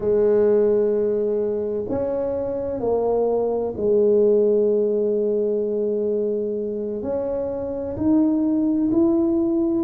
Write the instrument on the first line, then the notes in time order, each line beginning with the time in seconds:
tuba
0.00 G#3
1.89 C#4
2.80 A#3
3.76 G#3
7.02 C#4
7.96 D#4
8.91 E4